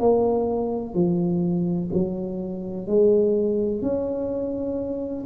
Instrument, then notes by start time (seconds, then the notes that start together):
tuba
0.00 A#3
0.95 F3
1.94 F#3
2.88 G#3
3.82 C#4